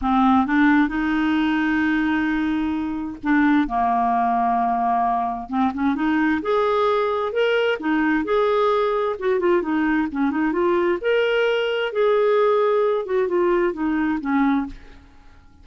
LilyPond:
\new Staff \with { instrumentName = "clarinet" } { \time 4/4 \tempo 4 = 131 c'4 d'4 dis'2~ | dis'2. d'4 | ais1 | c'8 cis'8 dis'4 gis'2 |
ais'4 dis'4 gis'2 | fis'8 f'8 dis'4 cis'8 dis'8 f'4 | ais'2 gis'2~ | gis'8 fis'8 f'4 dis'4 cis'4 | }